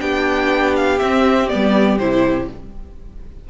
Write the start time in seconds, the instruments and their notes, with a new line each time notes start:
0.00 cello B3, viola D4, violin G4 G5
0.76 violin F5
0.99 cello C4, viola C4, violin E5
1.49 cello G3, viola B3, violin D5
1.99 cello C3, viola E4, violin C5